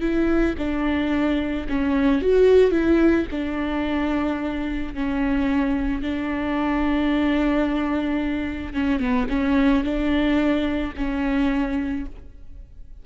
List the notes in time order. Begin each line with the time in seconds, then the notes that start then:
0.00 E4
0.58 D4
1.69 C#4
2.21 F#4
2.71 E4
3.31 D4
4.94 C#4
6.01 D4
8.73 C#4
8.99 B3
9.29 C#4
9.84 D4
10.96 C#4